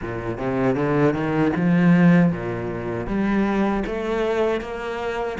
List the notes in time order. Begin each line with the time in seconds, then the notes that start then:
0.01 A#2
0.37 C3
0.75 D3
1.13 D#3
1.56 F3
2.32 A#2
3.06 G3
3.86 A3
4.60 A#3